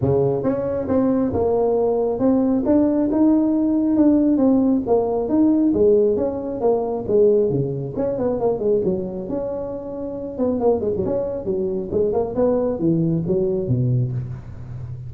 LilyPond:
\new Staff \with { instrumentName = "tuba" } { \time 4/4 \tempo 4 = 136 cis4 cis'4 c'4 ais4~ | ais4 c'4 d'4 dis'4~ | dis'4 d'4 c'4 ais4 | dis'4 gis4 cis'4 ais4 |
gis4 cis4 cis'8 b8 ais8 gis8 | fis4 cis'2~ cis'8 b8 | ais8 gis16 fis16 cis'4 fis4 gis8 ais8 | b4 e4 fis4 b,4 | }